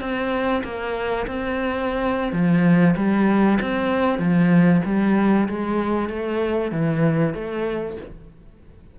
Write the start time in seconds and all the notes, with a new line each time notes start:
0.00 C4
0.64 A#3
1.26 C4
2.32 F3
2.96 G3
3.61 C4
4.18 F3
4.85 G3
5.48 G#3
6.09 A3
6.71 E3
7.34 A3